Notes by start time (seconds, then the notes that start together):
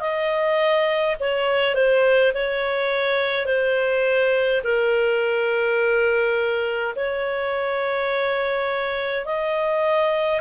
0.00 D#5
1.20 C#5
1.75 C5
2.34 C#5
3.46 C5
4.64 A#4
6.96 C#5
9.25 D#5